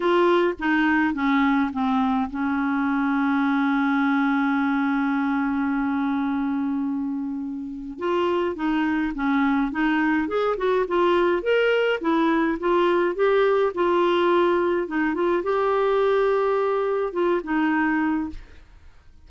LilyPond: \new Staff \with { instrumentName = "clarinet" } { \time 4/4 \tempo 4 = 105 f'4 dis'4 cis'4 c'4 | cis'1~ | cis'1~ | cis'2 f'4 dis'4 |
cis'4 dis'4 gis'8 fis'8 f'4 | ais'4 e'4 f'4 g'4 | f'2 dis'8 f'8 g'4~ | g'2 f'8 dis'4. | }